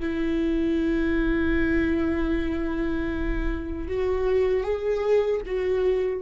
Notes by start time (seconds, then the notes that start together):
0.00 E4
3.88 F#4
4.63 G#4
5.46 F#4